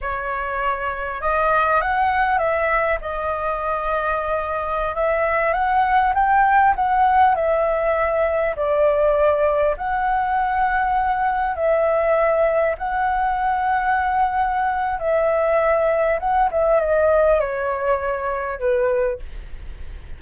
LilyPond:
\new Staff \with { instrumentName = "flute" } { \time 4/4 \tempo 4 = 100 cis''2 dis''4 fis''4 | e''4 dis''2.~ | dis''16 e''4 fis''4 g''4 fis''8.~ | fis''16 e''2 d''4.~ d''16~ |
d''16 fis''2. e''8.~ | e''4~ e''16 fis''2~ fis''8.~ | fis''4 e''2 fis''8 e''8 | dis''4 cis''2 b'4 | }